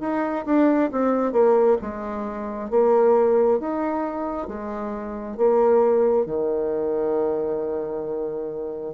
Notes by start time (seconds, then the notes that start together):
0.00 D#4
0.45 D4
0.92 C4
1.32 A#3
1.81 G#3
2.70 A#3
3.59 D#4
4.48 G#3
5.37 A#3
6.25 D#3